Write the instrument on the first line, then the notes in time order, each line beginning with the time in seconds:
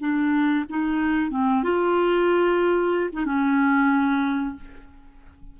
clarinet
0.00 D4
0.69 D#4
1.30 C4
1.63 F4
3.12 D#4
3.25 C#4